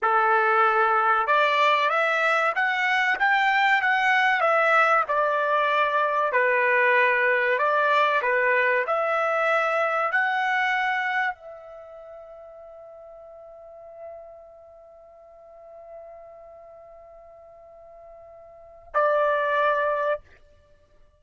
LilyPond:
\new Staff \with { instrumentName = "trumpet" } { \time 4/4 \tempo 4 = 95 a'2 d''4 e''4 | fis''4 g''4 fis''4 e''4 | d''2 b'2 | d''4 b'4 e''2 |
fis''2 e''2~ | e''1~ | e''1~ | e''2 d''2 | }